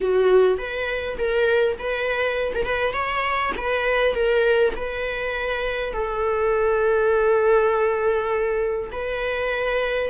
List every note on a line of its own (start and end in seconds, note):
0.00 0.58 F#4
0.58 1.17 B4
1.18 1.77 A#4
1.78 2.53 B4
2.54 2.65 A#4
2.65 2.93 B4
2.93 3.52 C#5
3.57 4.14 B4
4.14 4.73 A#4
4.76 5.93 B4
5.93 8.90 A4
8.92 10.10 B4